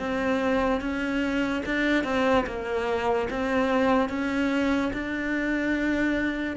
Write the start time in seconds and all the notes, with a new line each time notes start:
0.00 C4
0.81 C#4
1.66 D4
2.05 C4
2.47 A#3
3.31 C4
4.10 C#4
4.94 D4